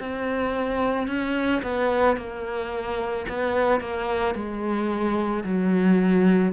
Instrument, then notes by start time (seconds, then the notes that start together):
cello
0.00 C4
1.08 C#4
1.63 B3
2.17 A#3
3.29 B3
3.80 A#3
4.35 G#3
5.43 F#3